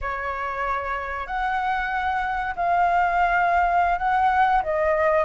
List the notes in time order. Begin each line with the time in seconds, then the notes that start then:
0.01 C#5
1.26 F#5
2.56 F5
3.98 F#5
4.63 D#5